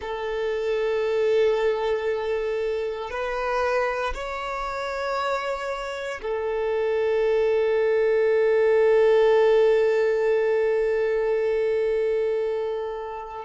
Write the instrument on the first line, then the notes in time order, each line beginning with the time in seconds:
violin
0.00 A4
3.10 B4
4.14 C#5
6.22 A4